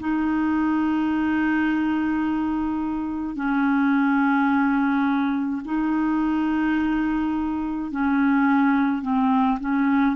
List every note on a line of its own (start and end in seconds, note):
0.00 3.36 D#4
3.36 5.62 C#4
5.65 7.91 D#4
7.92 9.03 C#4
9.03 9.59 C4
9.61 10.16 C#4